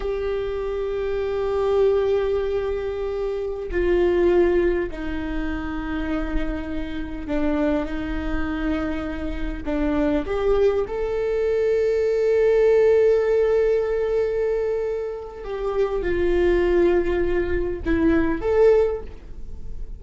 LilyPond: \new Staff \with { instrumentName = "viola" } { \time 4/4 \tempo 4 = 101 g'1~ | g'2~ g'16 f'4.~ f'16~ | f'16 dis'2.~ dis'8.~ | dis'16 d'4 dis'2~ dis'8.~ |
dis'16 d'4 g'4 a'4.~ a'16~ | a'1~ | a'2 g'4 f'4~ | f'2 e'4 a'4 | }